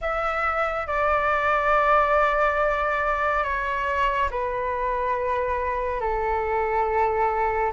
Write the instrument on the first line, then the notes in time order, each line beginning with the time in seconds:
flute
0.01 E5
0.86 D5
3.43 C#5
4.31 B4
6.00 A4